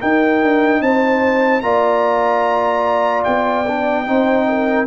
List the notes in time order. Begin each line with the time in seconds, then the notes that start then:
0.00 D#4 A#4 G5
0.42 D4
0.81 C4 C5 A5
1.60 A#3 F4 D5 A#5
3.24 B3 G5
3.67 D4
4.06 C4 D#4 C5
4.48 A#4